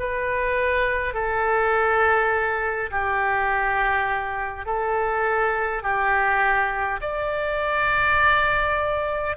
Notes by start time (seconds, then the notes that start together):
0.00 B4
1.14 A4
2.91 G4
4.66 A4
5.83 G4
7.02 D5